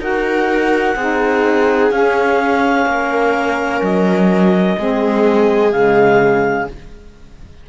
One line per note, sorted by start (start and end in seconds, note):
0.00 0.95 D#4
0.00 0.95 F#4
0.00 0.96 A#4
0.00 1.92 F#5
0.96 1.91 C4
0.96 1.91 D#4
0.96 2.87 G#4
1.91 2.86 C#4
1.91 4.77 C#4
1.91 3.82 F5
2.86 3.81 A#3
2.86 4.79 A#4
3.81 4.77 F#3
3.81 5.72 D#5
4.78 5.73 G#3
4.78 5.72 C4
4.78 6.69 G#4
5.72 6.68 C#3
5.72 6.67 G#3
5.72 6.67 F5